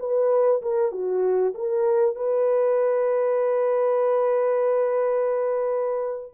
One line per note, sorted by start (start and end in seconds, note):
0.00 0.62 B4
0.62 0.92 A#4
0.92 1.54 F#4
1.55 2.16 A#4
2.16 6.34 B4